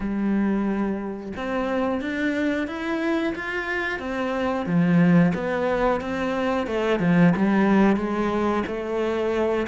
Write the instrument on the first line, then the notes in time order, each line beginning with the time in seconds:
cello
0.00 G3
1.36 C4
2.01 D4
2.67 E4
3.35 F4
3.99 C4
4.65 F3
5.34 B3
6.01 C4
6.66 A3
6.99 F3
7.35 G3
7.96 G#3
8.66 A3